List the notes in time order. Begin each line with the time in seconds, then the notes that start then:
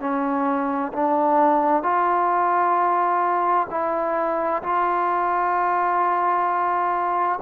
0.00 C#4
0.93 D4
1.83 F4
3.70 E4
4.63 F4